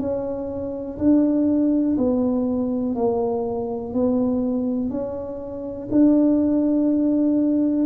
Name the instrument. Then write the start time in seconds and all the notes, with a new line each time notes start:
tuba
0.00 C#4
0.99 D4
1.98 B3
2.96 A#3
3.94 B3
4.91 C#4
5.92 D4